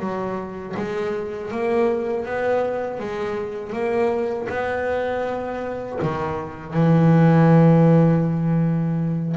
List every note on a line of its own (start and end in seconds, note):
0.00 0.75 F#3
0.77 1.52 G#3
1.52 2.25 A#3
2.25 3.00 B3
3.00 3.73 G#3
3.73 4.48 A#3
4.49 5.99 B3
6.02 6.74 D#3
6.74 9.36 E3